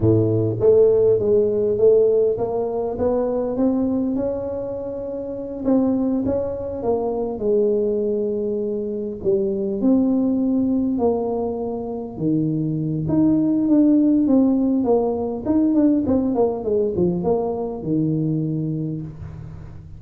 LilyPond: \new Staff \with { instrumentName = "tuba" } { \time 4/4 \tempo 4 = 101 a,4 a4 gis4 a4 | ais4 b4 c'4 cis'4~ | cis'4. c'4 cis'4 ais8~ | ais8 gis2. g8~ |
g8 c'2 ais4.~ | ais8 dis4. dis'4 d'4 | c'4 ais4 dis'8 d'8 c'8 ais8 | gis8 f8 ais4 dis2 | }